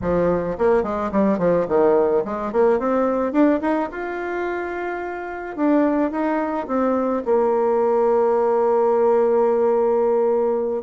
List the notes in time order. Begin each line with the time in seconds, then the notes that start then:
0.01 F3
0.58 A#3
0.83 G#3
1.11 G3
1.38 F3
1.67 D#3
2.24 G#3
2.52 A#3
2.79 C4
3.32 D4
3.61 D#4
3.91 F4
5.56 D4
6.11 D#4
6.67 C4
7.25 A#3